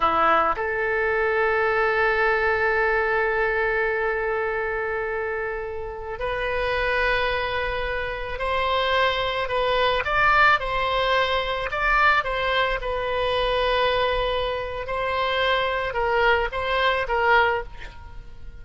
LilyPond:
\new Staff \with { instrumentName = "oboe" } { \time 4/4 \tempo 4 = 109 e'4 a'2.~ | a'1~ | a'2.~ a'16 b'8.~ | b'2.~ b'16 c''8.~ |
c''4~ c''16 b'4 d''4 c''8.~ | c''4~ c''16 d''4 c''4 b'8.~ | b'2. c''4~ | c''4 ais'4 c''4 ais'4 | }